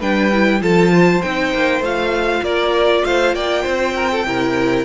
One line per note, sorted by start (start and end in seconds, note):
0.00 0.61 G3
0.00 0.31 D4
0.00 0.61 B4
0.00 0.62 G5
0.33 0.61 E4
0.61 1.22 F3
0.61 1.22 F4
0.61 0.93 A4
0.61 1.22 A5
0.93 2.43 C5
1.22 1.54 C4
1.22 1.83 D#4
1.22 1.82 G5
1.54 1.80 A#3
1.80 2.41 A3
1.80 4.25 F4
1.80 2.44 F5
2.43 3.03 A#3
2.43 3.04 A#4
2.43 3.05 D5
3.05 3.34 A3
3.05 3.35 C5
3.05 3.35 F5
3.34 3.64 A#3
3.34 3.63 D5
3.34 4.85 G5
3.63 4.25 C4
3.63 3.93 C5
3.96 4.11 A#4
4.11 4.26 A4
4.25 4.85 C3
4.25 4.85 E4
4.25 4.85 A#4